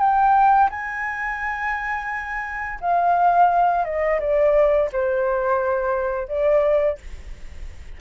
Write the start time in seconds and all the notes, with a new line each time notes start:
0.00 G5
0.70 G#5
2.81 F5
3.85 D#5
4.20 D5
4.93 C5
6.29 D5